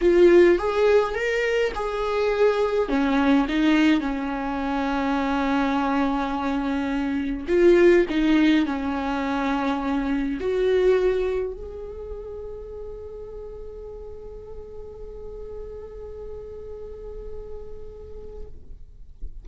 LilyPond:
\new Staff \with { instrumentName = "viola" } { \time 4/4 \tempo 4 = 104 f'4 gis'4 ais'4 gis'4~ | gis'4 cis'4 dis'4 cis'4~ | cis'1~ | cis'4 f'4 dis'4 cis'4~ |
cis'2 fis'2 | gis'1~ | gis'1~ | gis'1 | }